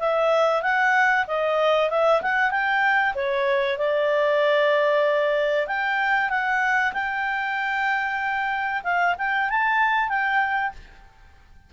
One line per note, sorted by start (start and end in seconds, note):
0.00 0.63 E5
0.63 1.26 F#5
1.27 1.90 D#5
1.90 2.22 E5
2.22 2.51 F#5
2.51 3.14 G5
3.15 3.78 C#5
3.78 5.68 D5
5.68 6.30 G5
6.30 6.93 F#5
6.93 8.83 G5
8.84 9.16 F5
9.18 9.50 G5
9.50 10.09 A5
10.09 10.72 G5